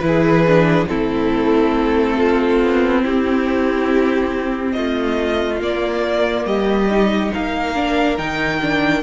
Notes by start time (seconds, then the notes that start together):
0.00 E3 E4 B4
0.07 G#4
0.48 D4
0.88 A3 C4 E4 A4
2.17 F4
2.62 B3
3.03 C4 E4 G4
4.73 A3 F4 D#5
5.62 A#3 D5
6.46 G3 G4 D#5
6.91 D#4
7.34 A#3 A#4 F5
7.75 D4
8.18 D#3 D#4 G5
8.62 D4